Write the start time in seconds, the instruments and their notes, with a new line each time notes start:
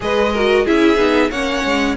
0.00 cello G#3, viola G#4, violin B4 D#5
0.32 viola F#4, violin A#4
0.65 cello C#4, viola E4, violin G#4 E5
0.96 cello B3, viola D#4
1.30 cello A#3, viola C#4, violin C#5 F#5
1.64 cello G#3